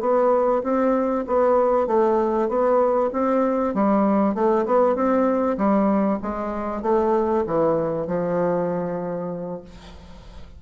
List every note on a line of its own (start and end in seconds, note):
0.00 0.62 B3
0.63 1.25 C4
1.27 1.87 B3
1.87 2.48 A3
2.48 3.10 B3
3.12 3.74 C4
3.74 4.34 G3
4.34 4.65 A3
4.66 4.95 B3
4.95 5.57 C4
5.57 6.19 G3
6.22 6.82 G#3
6.82 7.44 A3
7.46 8.07 E3
8.07 9.61 F3